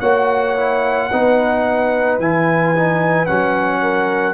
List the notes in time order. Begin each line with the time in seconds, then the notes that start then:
0.00 A#3 F#4 C#5 F#5
0.57 E4
1.11 B3 D#4 B4
2.19 E3 E4 G#5
2.76 D#4
3.26 F#3 C#4 F#5
3.82 A#4